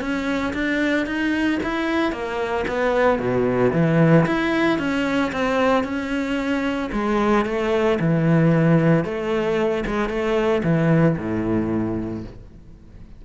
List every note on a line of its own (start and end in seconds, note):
0.00 0.53 C#4
0.53 1.06 D4
1.06 1.59 D#4
1.63 2.12 E4
2.12 2.65 A#3
2.68 3.19 B3
3.19 3.72 B2
3.72 4.26 E3
4.26 4.79 E4
4.79 5.32 C#4
5.32 5.84 C4
5.84 6.90 C#4
6.92 7.45 G#3
7.46 7.99 A3
8.00 9.04 E3
9.04 9.84 A3
9.86 10.09 G#3
10.09 10.62 A3
10.63 11.16 E3
11.17 12.24 A2